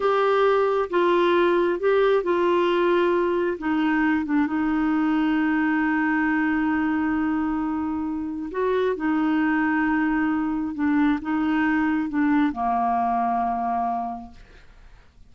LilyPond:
\new Staff \with { instrumentName = "clarinet" } { \time 4/4 \tempo 4 = 134 g'2 f'2 | g'4 f'2. | dis'4. d'8 dis'2~ | dis'1~ |
dis'2. fis'4 | dis'1 | d'4 dis'2 d'4 | ais1 | }